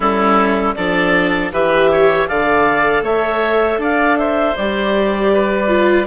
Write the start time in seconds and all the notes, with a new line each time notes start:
0.00 G3 C#4 E4 A4
0.74 F3 D4 A4 D5
1.51 E3 G4 B4 E5
1.91 C#5
2.27 D3 A4 D5 F5
3.01 A3 C#5 E5
3.77 D4 D5 F5
4.18 C5 E5
4.56 G3 G4 D5
5.33 B4
5.68 F4